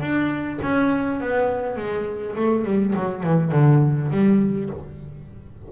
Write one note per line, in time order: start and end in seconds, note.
0.00 0.59 D4
0.62 1.20 C#4
1.20 1.76 B3
1.76 2.35 G#3
2.36 2.64 A3
2.64 2.94 G3
2.95 3.23 F#3
3.23 3.51 E3
3.51 4.10 D3
4.11 4.70 G3